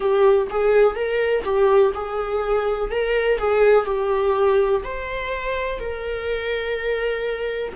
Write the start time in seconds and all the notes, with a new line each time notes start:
0.00 G4
0.50 G#4
0.95 A#4
1.43 G4
1.94 G#4
2.90 A#4
3.37 G#4
3.84 G4
4.83 C5
5.79 A#4